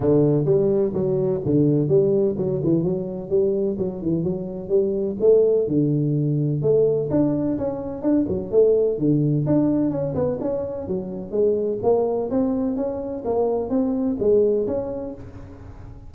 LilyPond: \new Staff \with { instrumentName = "tuba" } { \time 4/4 \tempo 4 = 127 d4 g4 fis4 d4 | g4 fis8 e8 fis4 g4 | fis8 e8 fis4 g4 a4 | d2 a4 d'4 |
cis'4 d'8 fis8 a4 d4 | d'4 cis'8 b8 cis'4 fis4 | gis4 ais4 c'4 cis'4 | ais4 c'4 gis4 cis'4 | }